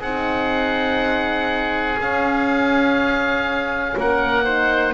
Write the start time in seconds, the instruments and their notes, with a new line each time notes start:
0.00 double bass C4, horn D#4, oboe G#4 F#5
1.98 double bass C#4, horn C#4, oboe F5
3.97 double bass A#3, oboe A#4 F#5
4.44 horn D#4, oboe C5